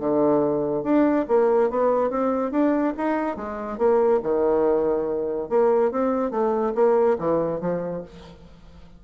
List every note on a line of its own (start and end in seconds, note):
0.00 0.84 D3
0.84 1.26 D4
1.28 1.70 A#3
1.70 2.10 B3
2.10 2.52 C4
2.52 2.94 D4
2.98 3.37 D#4
3.37 3.78 G#3
3.78 4.21 A#3
4.23 5.49 D#3
5.49 5.92 A#3
5.92 6.31 C4
6.31 6.73 A3
6.75 7.18 A#3
7.19 7.61 E3
7.61 8.03 F3